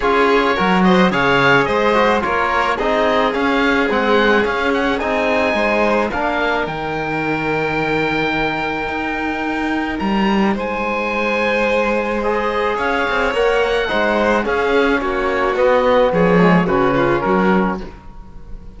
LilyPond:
<<
  \new Staff \with { instrumentName = "oboe" } { \time 4/4 \tempo 4 = 108 cis''4. dis''8 f''4 dis''4 | cis''4 dis''4 f''4 fis''4 | f''8 fis''8 gis''2 f''4 | g''1~ |
g''2 ais''4 gis''4~ | gis''2 dis''4 f''4 | fis''2 f''4 cis''4 | dis''4 cis''4 b'4 ais'4 | }
  \new Staff \with { instrumentName = "violin" } { \time 4/4 gis'4 ais'8 c''8 cis''4 c''4 | ais'4 gis'2.~ | gis'2 c''4 ais'4~ | ais'1~ |
ais'2. c''4~ | c''2. cis''4~ | cis''4 c''4 gis'4 fis'4~ | fis'4 gis'4 fis'8 f'8 fis'4 | }
  \new Staff \with { instrumentName = "trombone" } { \time 4/4 f'4 fis'4 gis'4. fis'8 | f'4 dis'4 cis'4 c'4 | cis'4 dis'2 d'4 | dis'1~ |
dis'1~ | dis'2 gis'2 | ais'4 dis'4 cis'2 | b4. gis8 cis'2 | }
  \new Staff \with { instrumentName = "cello" } { \time 4/4 cis'4 fis4 cis4 gis4 | ais4 c'4 cis'4 gis4 | cis'4 c'4 gis4 ais4 | dis1 |
dis'2 g4 gis4~ | gis2. cis'8 c'8 | ais4 gis4 cis'4 ais4 | b4 f4 cis4 fis4 | }
>>